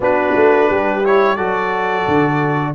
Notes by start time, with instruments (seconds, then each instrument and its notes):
0.00 tuba B3, trombone D4, horn F#4, trumpet B4
0.35 tuba A3
0.69 tuba G3, horn G4
1.04 trombone E4, trumpet C#5
1.36 tuba F#3, trombone F#4, horn A4, trumpet D5
2.07 tuba D3